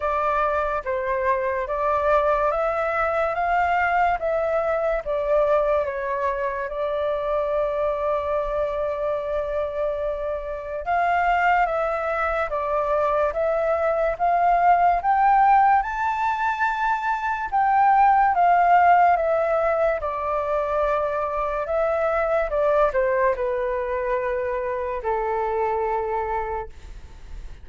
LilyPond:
\new Staff \with { instrumentName = "flute" } { \time 4/4 \tempo 4 = 72 d''4 c''4 d''4 e''4 | f''4 e''4 d''4 cis''4 | d''1~ | d''4 f''4 e''4 d''4 |
e''4 f''4 g''4 a''4~ | a''4 g''4 f''4 e''4 | d''2 e''4 d''8 c''8 | b'2 a'2 | }